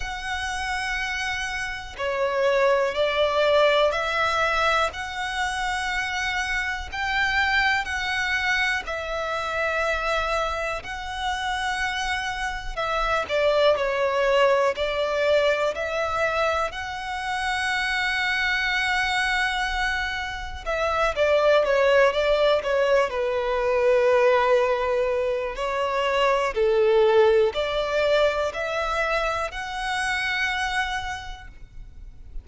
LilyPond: \new Staff \with { instrumentName = "violin" } { \time 4/4 \tempo 4 = 61 fis''2 cis''4 d''4 | e''4 fis''2 g''4 | fis''4 e''2 fis''4~ | fis''4 e''8 d''8 cis''4 d''4 |
e''4 fis''2.~ | fis''4 e''8 d''8 cis''8 d''8 cis''8 b'8~ | b'2 cis''4 a'4 | d''4 e''4 fis''2 | }